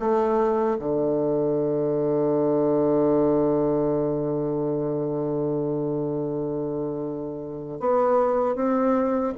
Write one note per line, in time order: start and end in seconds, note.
0.00 0.78 A3
0.79 7.80 D3
7.80 8.56 B3
8.56 9.34 C4